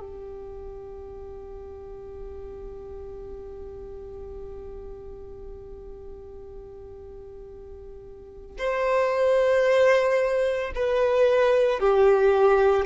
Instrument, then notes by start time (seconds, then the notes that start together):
violin
0.00 G4
8.58 C5
10.75 B4
11.80 G4